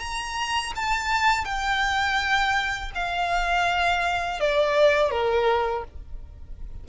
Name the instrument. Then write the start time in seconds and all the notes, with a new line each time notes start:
violin
0.00 A#5
0.76 A5
1.45 G5
2.95 F5
4.40 D5
5.12 A#4